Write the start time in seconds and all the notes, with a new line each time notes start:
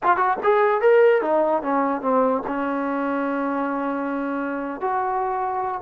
0.03 F4
0.16 F#4
0.43 G#4
0.81 A#4
1.21 D#4
1.62 C#4
2.01 C4
2.46 C#4
4.80 F#4